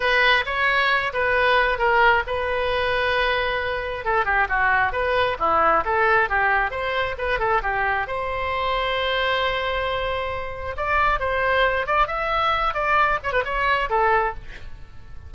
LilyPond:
\new Staff \with { instrumentName = "oboe" } { \time 4/4 \tempo 4 = 134 b'4 cis''4. b'4. | ais'4 b'2.~ | b'4 a'8 g'8 fis'4 b'4 | e'4 a'4 g'4 c''4 |
b'8 a'8 g'4 c''2~ | c''1 | d''4 c''4. d''8 e''4~ | e''8 d''4 cis''16 b'16 cis''4 a'4 | }